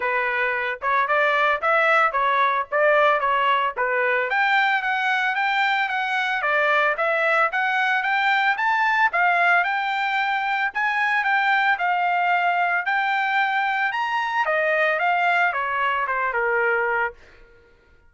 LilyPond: \new Staff \with { instrumentName = "trumpet" } { \time 4/4 \tempo 4 = 112 b'4. cis''8 d''4 e''4 | cis''4 d''4 cis''4 b'4 | g''4 fis''4 g''4 fis''4 | d''4 e''4 fis''4 g''4 |
a''4 f''4 g''2 | gis''4 g''4 f''2 | g''2 ais''4 dis''4 | f''4 cis''4 c''8 ais'4. | }